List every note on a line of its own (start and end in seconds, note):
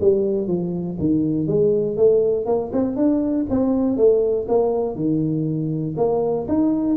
0.00 0.47 G3
0.47 0.97 F3
0.99 1.47 D#3
1.47 1.96 G#3
1.96 2.46 A3
2.46 2.71 A#3
2.72 2.96 C4
2.96 3.46 D4
3.50 3.97 C4
3.97 4.47 A3
4.48 4.95 A#3
4.95 5.95 D#3
5.97 6.47 A#3
6.48 6.96 D#4